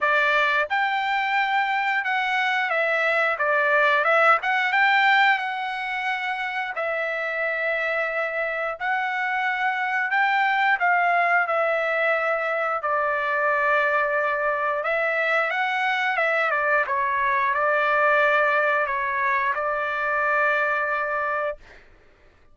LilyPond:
\new Staff \with { instrumentName = "trumpet" } { \time 4/4 \tempo 4 = 89 d''4 g''2 fis''4 | e''4 d''4 e''8 fis''8 g''4 | fis''2 e''2~ | e''4 fis''2 g''4 |
f''4 e''2 d''4~ | d''2 e''4 fis''4 | e''8 d''8 cis''4 d''2 | cis''4 d''2. | }